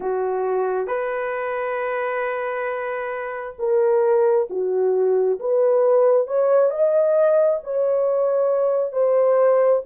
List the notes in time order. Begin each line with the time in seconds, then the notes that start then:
0.00 F#4
0.87 B4
3.58 A#4
4.49 F#4
5.39 B4
6.27 C#5
6.70 D#5
7.63 C#5
8.92 C5